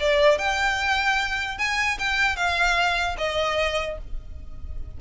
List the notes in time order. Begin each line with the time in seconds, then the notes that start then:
0.00 D5
0.39 G5
1.59 G#5
1.99 G5
2.37 F5
3.18 D#5